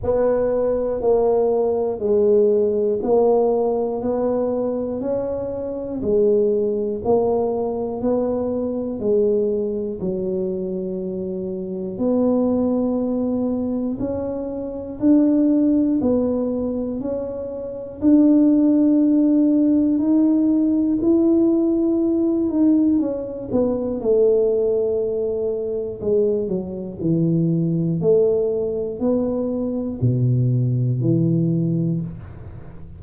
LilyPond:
\new Staff \with { instrumentName = "tuba" } { \time 4/4 \tempo 4 = 60 b4 ais4 gis4 ais4 | b4 cis'4 gis4 ais4 | b4 gis4 fis2 | b2 cis'4 d'4 |
b4 cis'4 d'2 | dis'4 e'4. dis'8 cis'8 b8 | a2 gis8 fis8 e4 | a4 b4 b,4 e4 | }